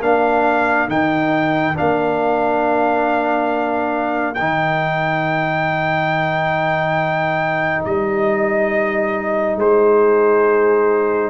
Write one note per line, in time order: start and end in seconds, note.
0.00 0.87 A#3
0.00 0.88 D4
0.00 9.57 A#4
0.00 0.89 F5
0.88 1.75 D#3
0.88 1.74 D#4
0.88 1.77 G5
1.74 4.39 A#3
1.74 4.35 D4
1.74 4.35 F5
4.35 7.86 D#3
4.35 11.30 D#4
4.35 7.82 G5
7.85 9.56 G3
7.85 9.59 D#5
9.56 11.30 G#3
9.56 11.30 G#4
9.56 11.30 C5